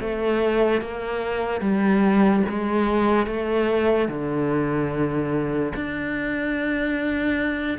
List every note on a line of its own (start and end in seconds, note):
0.00 0.81 A3
0.81 1.61 A#3
1.61 2.43 G3
2.49 3.27 G#3
3.27 4.08 A3
4.08 5.73 D3
5.75 7.79 D4